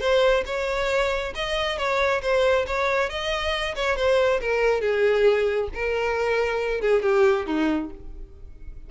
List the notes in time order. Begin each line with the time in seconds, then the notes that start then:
0.00 C5
0.46 C#5
1.35 D#5
1.78 C#5
2.22 C5
2.66 C#5
3.09 D#5
3.75 C#5
3.96 C5
4.41 A#4
4.81 G#4
5.74 A#4
6.81 G#4
7.02 G4
7.46 D#4